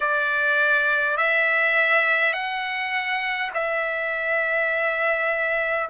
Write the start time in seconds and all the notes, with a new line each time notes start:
0.00 D5
1.17 E5
2.33 F#5
3.53 E5